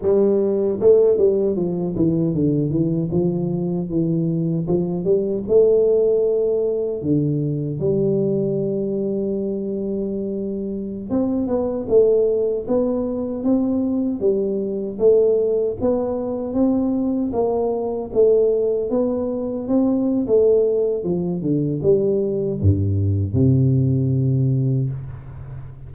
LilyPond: \new Staff \with { instrumentName = "tuba" } { \time 4/4 \tempo 4 = 77 g4 a8 g8 f8 e8 d8 e8 | f4 e4 f8 g8 a4~ | a4 d4 g2~ | g2~ g16 c'8 b8 a8.~ |
a16 b4 c'4 g4 a8.~ | a16 b4 c'4 ais4 a8.~ | a16 b4 c'8. a4 f8 d8 | g4 g,4 c2 | }